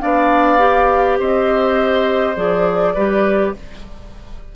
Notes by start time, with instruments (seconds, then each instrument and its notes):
0.00 bassoon B3, clarinet D4, oboe D5, flute F5
0.58 clarinet G4
1.19 bassoon C4, oboe C5, flute D#5
2.36 bassoon F3, clarinet G#4, flute D5
2.94 bassoon G3, clarinet G4, oboe B4